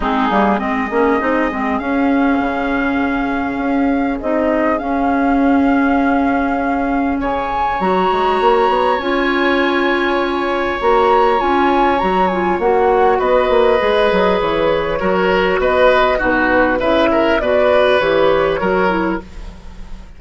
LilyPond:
<<
  \new Staff \with { instrumentName = "flute" } { \time 4/4 \tempo 4 = 100 gis'4 dis''2 f''4~ | f''2. dis''4 | f''1 | gis''4 ais''2 gis''4~ |
gis''2 ais''4 gis''4 | ais''8 gis''8 fis''4 dis''2 | cis''2 dis''4 b'4 | e''4 d''4 cis''2 | }
  \new Staff \with { instrumentName = "oboe" } { \time 4/4 dis'4 gis'2.~ | gis'1~ | gis'1 | cis''1~ |
cis''1~ | cis''2 b'2~ | b'4 ais'4 b'4 fis'4 | b'8 ais'8 b'2 ais'4 | }
  \new Staff \with { instrumentName = "clarinet" } { \time 4/4 c'8 ais8 c'8 cis'8 dis'8 c'8 cis'4~ | cis'2. dis'4 | cis'1~ | cis'4 fis'2 f'4~ |
f'2 fis'4 f'4 | fis'8 f'8 fis'2 gis'4~ | gis'4 fis'2 dis'4 | e'4 fis'4 g'4 fis'8 e'8 | }
  \new Staff \with { instrumentName = "bassoon" } { \time 4/4 gis8 g8 gis8 ais8 c'8 gis8 cis'4 | cis2 cis'4 c'4 | cis'1 | cis4 fis8 gis8 ais8 b8 cis'4~ |
cis'2 ais4 cis'4 | fis4 ais4 b8 ais8 gis8 fis8 | e4 fis4 b4 b,4 | cis4 b,4 e4 fis4 | }
>>